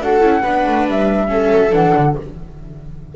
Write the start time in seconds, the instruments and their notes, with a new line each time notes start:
0.00 double bass D4, viola F#4 A4, flute F#5
0.20 double bass C#4, viola E4
0.42 double bass B3, viola D4 B4
0.67 double bass A3
0.87 double bass G3, flute E5
1.27 viola C#4 A4
1.52 double bass F#3
1.71 double bass E3, viola D4, flute F#5
1.94 double bass D3